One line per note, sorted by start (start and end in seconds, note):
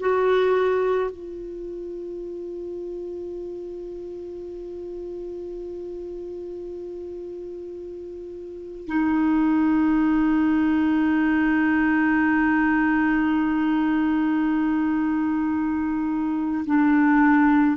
0.00 1.11 F#4
1.11 8.87 F4
8.87 16.65 D#4
16.66 17.77 D4